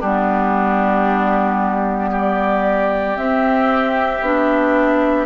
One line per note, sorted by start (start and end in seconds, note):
0.00 3.17 G3
0.00 3.16 B3
0.00 2.11 D4
0.00 2.12 G4
2.11 5.26 G4
2.11 3.17 D5
3.16 4.21 C4
3.16 5.26 E5
4.21 5.26 B3
4.21 5.26 D4